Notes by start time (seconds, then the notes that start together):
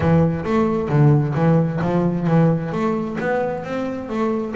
0.00 E3
0.44 A3
0.88 D3
1.35 E3
1.81 F3
2.27 E3
2.71 A3
3.20 B3
3.64 C4
4.09 A3